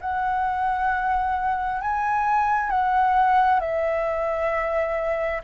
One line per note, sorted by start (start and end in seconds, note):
0.00 1.81 F#5
1.81 2.69 G#5
2.69 3.60 F#5
3.60 5.41 E5